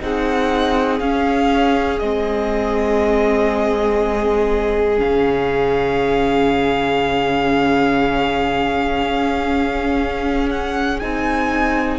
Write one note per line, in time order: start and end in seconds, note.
0.00 1.00 C4
0.00 1.00 D#4
0.00 11.99 G#4
0.00 0.99 F#5
0.99 2.00 C#4
0.99 2.01 C#4
0.99 1.99 F5
1.99 5.00 G#3
1.99 4.96 C4
1.99 4.99 D#5
4.96 10.96 C#4
4.96 10.49 F5
5.03 9.01 C#3
9.01 11.01 C#4
10.50 10.99 F#5
10.99 11.99 C4
10.99 11.99 D#4
10.99 11.99 G#5